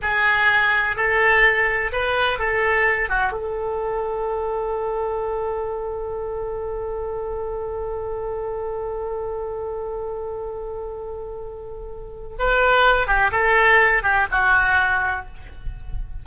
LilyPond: \new Staff \with { instrumentName = "oboe" } { \time 4/4 \tempo 4 = 126 gis'2 a'2 | b'4 a'4. fis'8 a'4~ | a'1~ | a'1~ |
a'1~ | a'1~ | a'2 b'4. g'8 | a'4. g'8 fis'2 | }